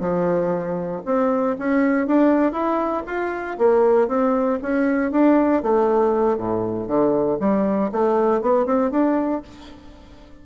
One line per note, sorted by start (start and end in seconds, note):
0.00 1.02 F3
1.05 1.56 C4
1.59 2.07 C#4
2.07 2.52 D4
2.52 3.03 E4
3.06 3.57 F4
3.58 4.08 A#3
4.08 4.59 C4
4.62 5.11 C#4
5.11 5.62 D4
5.63 6.37 A3
6.37 6.88 A2
6.88 7.38 D3
7.40 7.91 G3
7.92 8.41 A3
8.41 8.66 B3
8.66 8.91 C4
8.91 9.42 D4